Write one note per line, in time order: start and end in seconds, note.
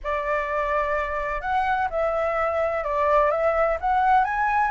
0.03 1.41 D5
1.41 1.88 F#5
1.90 2.84 E5
2.84 3.30 D5
3.30 3.78 E5
3.80 4.24 F#5
4.24 4.70 G#5